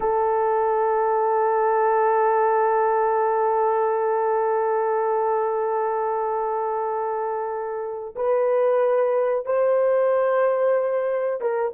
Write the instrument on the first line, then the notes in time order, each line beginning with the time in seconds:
horn
0.00 A4
8.15 B4
9.45 C5
11.40 A#4